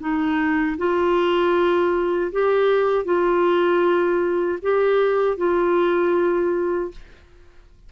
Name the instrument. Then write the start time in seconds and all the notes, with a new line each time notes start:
clarinet
0.00 D#4
0.78 F4
2.32 G4
3.05 F4
4.62 G4
5.37 F4